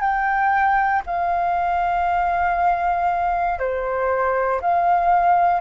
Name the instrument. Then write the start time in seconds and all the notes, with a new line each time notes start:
flute
0.00 G5
1.06 F5
3.59 C5
4.61 F5